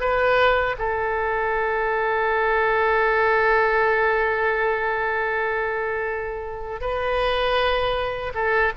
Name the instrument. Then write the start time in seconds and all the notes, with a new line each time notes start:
oboe
0.00 B4
0.78 A4
6.81 B4
8.34 A4